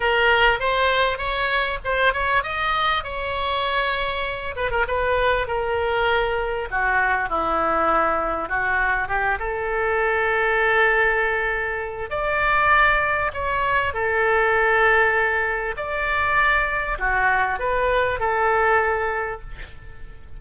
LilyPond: \new Staff \with { instrumentName = "oboe" } { \time 4/4 \tempo 4 = 99 ais'4 c''4 cis''4 c''8 cis''8 | dis''4 cis''2~ cis''8 b'16 ais'16 | b'4 ais'2 fis'4 | e'2 fis'4 g'8 a'8~ |
a'1 | d''2 cis''4 a'4~ | a'2 d''2 | fis'4 b'4 a'2 | }